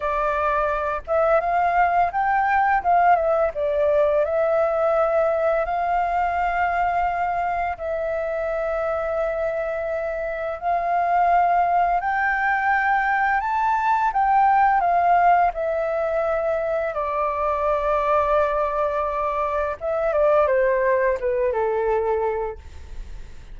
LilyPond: \new Staff \with { instrumentName = "flute" } { \time 4/4 \tempo 4 = 85 d''4. e''8 f''4 g''4 | f''8 e''8 d''4 e''2 | f''2. e''4~ | e''2. f''4~ |
f''4 g''2 a''4 | g''4 f''4 e''2 | d''1 | e''8 d''8 c''4 b'8 a'4. | }